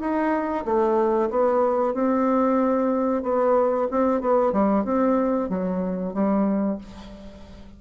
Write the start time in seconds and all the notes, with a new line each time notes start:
0.00 D#4
0.65 A3
1.30 B3
1.94 C4
3.23 B3
3.91 C4
4.21 B3
4.52 G3
4.84 C4
5.49 F#3
6.13 G3